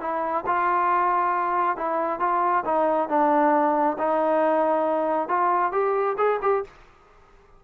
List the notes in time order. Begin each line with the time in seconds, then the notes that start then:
0.00 E4
0.46 F4
1.76 E4
2.19 F4
2.65 D#4
3.08 D4
3.98 D#4
5.28 F4
5.72 G4
6.17 G#4
6.42 G4